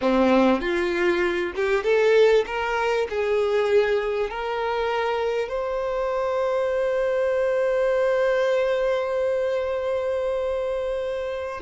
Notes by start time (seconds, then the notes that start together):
0.01 C4
0.61 F4
1.55 G4
1.83 A4
2.46 A#4
3.09 G#4
4.29 A#4
5.48 C5